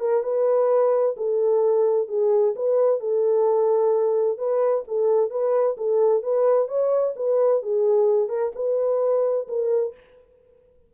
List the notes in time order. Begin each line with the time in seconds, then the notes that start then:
0.00 A#4
0.23 B4
1.17 A4
2.08 G#4
2.56 B4
3.00 A4
4.38 B4
4.88 A4
5.31 B4
5.77 A4
6.23 B4
6.68 C#5
7.16 B4
7.63 G#4
8.29 A#4
8.55 B4
9.48 A#4